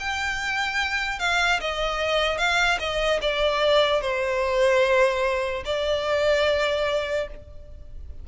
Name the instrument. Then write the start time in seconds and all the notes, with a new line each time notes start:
violin
0.00 G5
1.20 F5
1.61 D#5
2.38 F5
2.80 D#5
3.22 D5
4.02 C5
5.66 D5